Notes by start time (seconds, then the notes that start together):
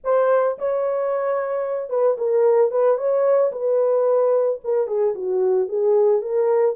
0.04 C5
0.58 C#5
1.89 B4
2.17 A#4
2.71 B4
2.97 C#5
3.51 B4
4.63 A#4
4.87 G#4
5.14 F#4
5.68 G#4
6.21 A#4